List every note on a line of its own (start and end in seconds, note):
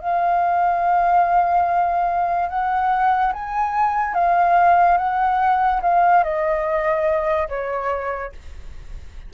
0.00 2.49 F5
2.49 3.33 F#5
3.33 4.14 G#5
4.14 4.98 F5
4.98 5.81 F#5
5.82 6.23 F5
6.23 7.48 D#5
7.49 8.32 C#5